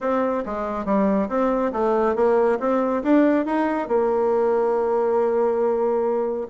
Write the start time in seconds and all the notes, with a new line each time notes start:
0.00 C4
0.45 G#3
0.85 G3
1.28 C4
1.72 A3
2.15 A#3
2.59 C4
3.03 D4
3.45 D#4
3.88 A#3